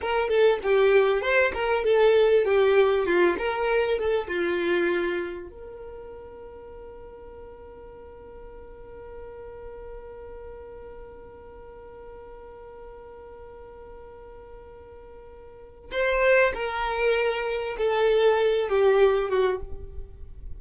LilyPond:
\new Staff \with { instrumentName = "violin" } { \time 4/4 \tempo 4 = 98 ais'8 a'8 g'4 c''8 ais'8 a'4 | g'4 f'8 ais'4 a'8 f'4~ | f'4 ais'2.~ | ais'1~ |
ais'1~ | ais'1~ | ais'2 c''4 ais'4~ | ais'4 a'4. g'4 fis'8 | }